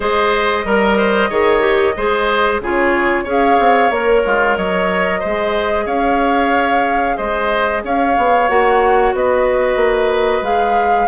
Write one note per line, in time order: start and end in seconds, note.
0.00 0.64 G#3
0.00 0.65 G#4
0.00 0.65 C5
0.00 2.61 D#5
0.64 1.30 G3
0.64 0.97 A#4
0.64 1.31 A#4
0.97 1.29 C5
1.29 1.95 D#3
1.29 1.60 G#4
1.29 1.95 C#5
1.60 1.93 G4
1.96 2.60 G#3
1.96 2.62 G#4
1.96 2.61 C5
2.60 3.25 C#3
2.60 3.26 F4
2.60 3.24 G#4
2.60 3.27 C#5
3.24 3.57 C#4
3.24 3.91 G#4
3.24 4.21 C#5
3.24 3.91 F5
3.59 3.90 C4
3.90 4.22 A#3
3.90 5.22 A#4
3.90 4.56 C#5
4.25 4.57 G#3
4.25 4.57 F4
4.56 5.22 F#3
4.56 5.19 C#5
4.56 5.86 D#5
5.19 5.86 G#3
5.19 8.48 G#4
5.19 5.84 C5
5.86 7.16 C#4
5.86 7.16 C#5
5.86 7.17 F5
7.16 7.83 G#3
7.16 7.82 C5
7.16 7.82 D#5
7.83 8.16 C#4
7.83 9.15 C#5
7.83 8.48 F5
8.17 8.49 B3
8.48 9.13 A#3
8.48 10.44 F#4
8.48 9.13 F#5
9.13 9.76 B3
9.13 11.07 B4
9.13 10.44 D#5
9.76 10.41 A#3
10.41 11.06 G#3
10.41 11.07 G#4
10.41 11.07 F5